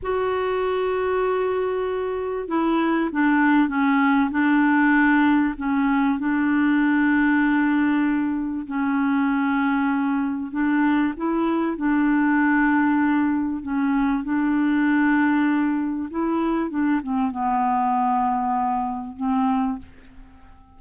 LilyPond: \new Staff \with { instrumentName = "clarinet" } { \time 4/4 \tempo 4 = 97 fis'1 | e'4 d'4 cis'4 d'4~ | d'4 cis'4 d'2~ | d'2 cis'2~ |
cis'4 d'4 e'4 d'4~ | d'2 cis'4 d'4~ | d'2 e'4 d'8 c'8 | b2. c'4 | }